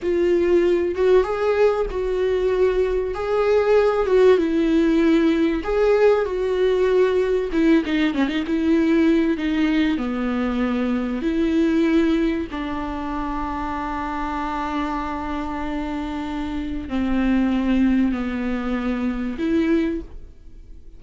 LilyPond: \new Staff \with { instrumentName = "viola" } { \time 4/4 \tempo 4 = 96 f'4. fis'8 gis'4 fis'4~ | fis'4 gis'4. fis'8 e'4~ | e'4 gis'4 fis'2 | e'8 dis'8 cis'16 dis'16 e'4. dis'4 |
b2 e'2 | d'1~ | d'2. c'4~ | c'4 b2 e'4 | }